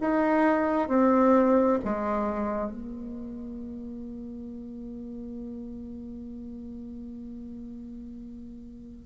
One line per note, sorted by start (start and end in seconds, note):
0.00 0.88 D#4
0.88 1.79 C4
1.84 2.71 G#3
2.71 9.05 A#3